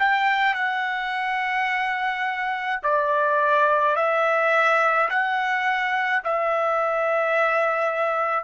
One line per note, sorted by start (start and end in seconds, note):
0.00 0.55 G5
0.55 2.81 F#5
2.83 3.96 D5
3.96 5.09 E5
5.10 6.23 F#5
6.25 8.44 E5